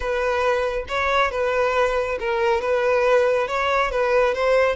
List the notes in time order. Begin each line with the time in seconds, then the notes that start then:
0.00 B4
0.88 C#5
1.31 B4
2.19 A#4
2.61 B4
3.47 C#5
3.91 B4
4.34 C5